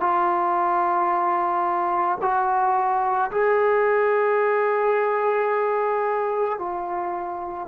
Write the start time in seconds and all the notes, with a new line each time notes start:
0.00 F4
2.22 F#4
3.31 G#4
6.59 F4